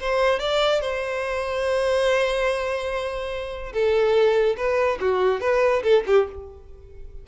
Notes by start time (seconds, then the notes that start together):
0.00 C5
0.39 D5
0.81 C5
3.73 A4
4.57 B4
5.01 F#4
5.41 B4
5.83 A4
6.06 G4